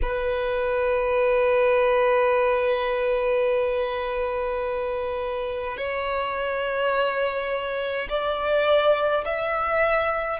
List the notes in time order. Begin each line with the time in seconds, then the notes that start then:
0.02 B4
5.77 C#5
8.09 D5
9.25 E5